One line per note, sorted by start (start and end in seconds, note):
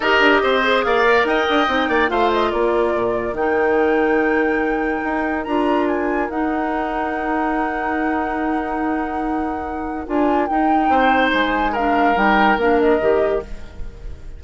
0.00 0.20 D#4
0.00 0.62 G4
0.00 0.41 A#4
0.00 0.83 D#5
0.20 0.41 D4
0.43 0.85 C4
0.43 0.85 C5
0.62 1.04 G#4
0.83 1.24 A#3
0.83 1.28 D5
0.83 1.25 F5
1.04 1.67 A#4
1.24 1.45 D#4
1.24 1.89 D#5
1.24 2.09 G5
1.49 1.67 D4
1.67 1.88 C4
1.67 2.07 D#4
1.88 2.09 A#3
1.88 2.10 D5
2.07 2.52 A3
2.07 3.33 F4
2.07 2.50 C5
2.07 2.30 F5
2.32 2.51 D#5
2.50 2.94 A#3
2.50 10.89 A#4
2.50 3.35 D5
2.94 3.32 A#2
3.32 5.00 D#3
3.32 5.46 D#4
3.32 5.44 G5
5.04 5.46 D#4
5.44 6.29 D4
5.44 6.30 F4
5.44 5.85 A#5
5.87 6.29 G#5
6.29 10.07 D#4
6.29 10.06 D#4
6.29 10.07 F#5
10.06 10.49 D4
10.06 10.48 F4
10.06 10.45 G#5
10.45 10.89 D#4
10.45 11.76 D#4
10.45 11.29 G5
10.89 11.31 C4
10.89 11.72 C5
11.33 12.15 G#3
11.33 11.75 G#5
11.72 12.14 D4
11.72 13.39 A#4
11.72 12.17 F5
12.14 12.57 G3
12.14 12.56 D#4
12.14 12.59 G5
12.57 12.99 A#3
12.57 13.00 D4
12.57 12.79 F5
12.79 13.42 D#5
13.00 13.43 D#3
13.00 13.42 G4